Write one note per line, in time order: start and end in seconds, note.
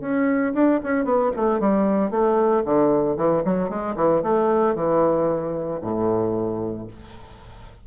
0.00 0.53 C#4
0.53 0.80 D4
0.83 1.04 C#4
1.04 1.31 B3
1.36 1.59 A3
1.59 2.10 G3
2.10 2.63 A3
2.65 3.16 D3
3.16 3.43 E3
3.44 3.69 F#3
3.69 3.95 G#3
3.95 4.22 E3
4.22 4.75 A3
4.75 5.80 E3
5.81 6.86 A2